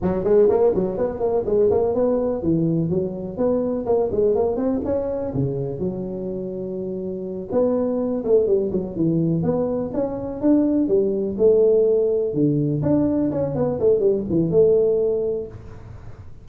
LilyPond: \new Staff \with { instrumentName = "tuba" } { \time 4/4 \tempo 4 = 124 fis8 gis8 ais8 fis8 b8 ais8 gis8 ais8 | b4 e4 fis4 b4 | ais8 gis8 ais8 c'8 cis'4 cis4 | fis2.~ fis8 b8~ |
b4 a8 g8 fis8 e4 b8~ | b8 cis'4 d'4 g4 a8~ | a4. d4 d'4 cis'8 | b8 a8 g8 e8 a2 | }